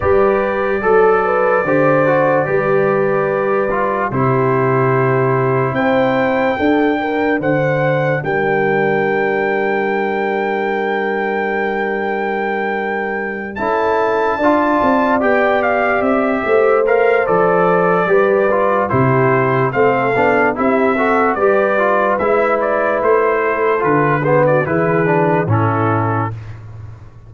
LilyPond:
<<
  \new Staff \with { instrumentName = "trumpet" } { \time 4/4 \tempo 4 = 73 d''1~ | d''4 c''2 g''4~ | g''4 fis''4 g''2~ | g''1~ |
g''8 a''2 g''8 f''8 e''8~ | e''8 f''8 d''2 c''4 | f''4 e''4 d''4 e''8 d''8 | c''4 b'8 c''16 d''16 b'4 a'4 | }
  \new Staff \with { instrumentName = "horn" } { \time 4/4 b'4 a'8 b'8 c''4 b'4~ | b'4 g'2 c''4 | a'8 ais'8 c''4 ais'2~ | ais'1~ |
ais'8 a'4 d''2~ d''8 | c''2 b'4 g'4 | a'4 g'8 a'8 b'2~ | b'8 a'4 gis'16 fis'16 gis'4 e'4 | }
  \new Staff \with { instrumentName = "trombone" } { \time 4/4 g'4 a'4 g'8 fis'8 g'4~ | g'8 f'8 e'2. | d'1~ | d'1~ |
d'8 e'4 f'4 g'4.~ | g'8 ais'8 a'4 g'8 f'8 e'4 | c'8 d'8 e'8 fis'8 g'8 f'8 e'4~ | e'4 f'8 b8 e'8 d'8 cis'4 | }
  \new Staff \with { instrumentName = "tuba" } { \time 4/4 g4 fis4 d4 g4~ | g4 c2 c'4 | d'4 d4 g2~ | g1~ |
g8 cis'4 d'8 c'8 b4 c'8 | a4 f4 g4 c4 | a8 b8 c'4 g4 gis4 | a4 d4 e4 a,4 | }
>>